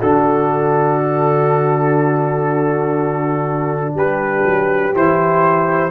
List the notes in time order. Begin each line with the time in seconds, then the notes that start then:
0.00 D3 D4 F#4 A4
3.93 G3 G4 B4
4.44 F#3
4.94 E3 E4 C5